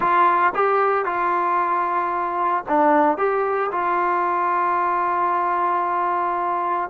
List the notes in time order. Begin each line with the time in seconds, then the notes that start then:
0.00 F4
0.54 G4
1.05 F4
2.68 D4
3.17 G4
3.71 F4